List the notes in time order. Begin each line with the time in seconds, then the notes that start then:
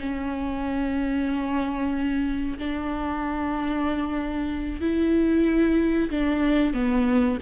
0.00 C#4
2.59 D4
4.81 E4
6.11 D4
6.74 B3